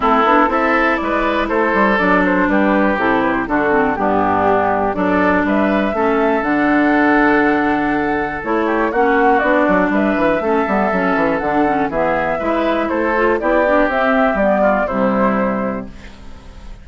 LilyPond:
<<
  \new Staff \with { instrumentName = "flute" } { \time 4/4 \tempo 4 = 121 a'4 e''4 d''4 c''4 | d''8 c''8 b'4 a'8 b'16 c''16 a'4 | g'2 d''4 e''4~ | e''4 fis''2.~ |
fis''4 cis''4 fis''4 d''4 | e''2. fis''4 | e''2 c''4 d''4 | e''4 d''4 c''2 | }
  \new Staff \with { instrumentName = "oboe" } { \time 4/4 e'4 a'4 b'4 a'4~ | a'4 g'2 fis'4 | d'2 a'4 b'4 | a'1~ |
a'4. g'8 fis'2 | b'4 a'2. | gis'4 b'4 a'4 g'4~ | g'4. f'8 e'2 | }
  \new Staff \with { instrumentName = "clarinet" } { \time 4/4 c'8 d'8 e'2. | d'2 e'4 d'8 c'8 | b2 d'2 | cis'4 d'2.~ |
d'4 e'4 cis'4 d'4~ | d'4 cis'8 b8 cis'4 d'8 cis'8 | b4 e'4. f'8 e'8 d'8 | c'4 b4 g2 | }
  \new Staff \with { instrumentName = "bassoon" } { \time 4/4 a8 b8 c'4 gis4 a8 g8 | fis4 g4 c4 d4 | g,2 fis4 g4 | a4 d2.~ |
d4 a4 ais4 b8 fis8 | g8 e8 a8 g8 fis8 e8 d4 | e4 gis4 a4 b4 | c'4 g4 c2 | }
>>